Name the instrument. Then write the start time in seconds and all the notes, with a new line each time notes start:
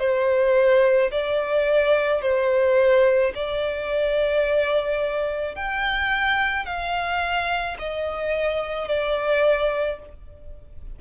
violin
0.00 C5
1.12 D5
2.22 C5
3.35 D5
5.56 G5
6.66 F5
7.79 D#5
8.88 D5